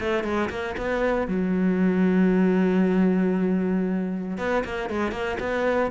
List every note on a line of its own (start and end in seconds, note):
0.00 0.24 A3
0.24 0.49 G#3
0.50 0.76 A#3
0.78 1.28 B3
1.28 4.38 F#3
4.38 4.64 B3
4.65 4.90 A#3
4.90 5.12 G#3
5.12 5.37 A#3
5.40 5.91 B3